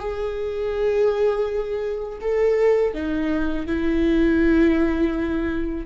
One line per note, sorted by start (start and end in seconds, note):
0.00 2.20 G#4
2.22 2.94 A4
2.94 3.67 D#4
3.67 5.86 E4